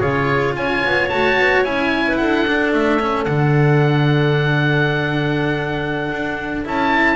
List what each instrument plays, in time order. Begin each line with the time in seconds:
0.00 double bass C#3, cello F4, clarinet G#4, oboe C#5
0.56 double bass C#4, clarinet C#5, oboe G#5
0.85 double bass B3
1.09 double bass A3, cello F#4, oboe A5
1.38 double bass B3
1.65 double bass C#4, cello E4, oboe G#5
2.08 clarinet B4
2.17 double bass D4, clarinet A4, oboe F#5
2.48 cello D4
2.73 double bass A3, oboe E5
3.00 cello C#4
3.25 double bass D3, cello D4, oboe F#5
6.11 double bass D4
6.65 double bass C#4, cello E4, oboe A5